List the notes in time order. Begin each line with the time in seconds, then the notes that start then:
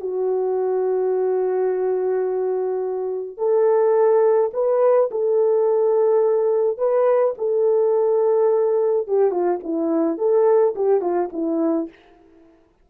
0.00 F#4
3.37 A4
4.53 B4
5.11 A4
6.77 B4
7.37 A4
9.07 G4
9.31 F4
9.63 E4
10.18 A4
10.75 G4
11.01 F4
11.32 E4